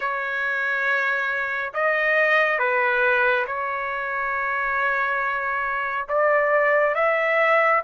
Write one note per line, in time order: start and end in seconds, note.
0.00 1.72 C#5
1.73 2.58 D#5
2.58 3.45 B4
3.46 6.07 C#5
6.08 6.94 D5
6.94 7.81 E5